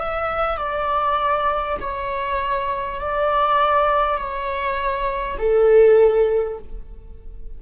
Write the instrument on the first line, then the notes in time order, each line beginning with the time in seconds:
viola
0.00 E5
0.57 D5
1.81 C#5
3.01 D5
4.17 C#5
5.38 A4